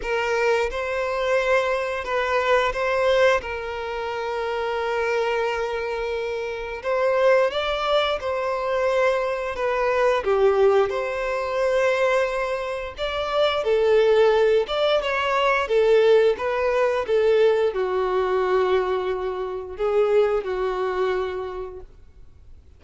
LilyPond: \new Staff \with { instrumentName = "violin" } { \time 4/4 \tempo 4 = 88 ais'4 c''2 b'4 | c''4 ais'2.~ | ais'2 c''4 d''4 | c''2 b'4 g'4 |
c''2. d''4 | a'4. d''8 cis''4 a'4 | b'4 a'4 fis'2~ | fis'4 gis'4 fis'2 | }